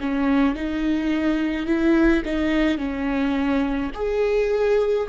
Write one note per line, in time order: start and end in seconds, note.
0.00 0.55 C#4
0.55 1.66 D#4
1.66 2.23 E4
2.25 2.78 D#4
2.78 3.91 C#4
3.95 5.08 G#4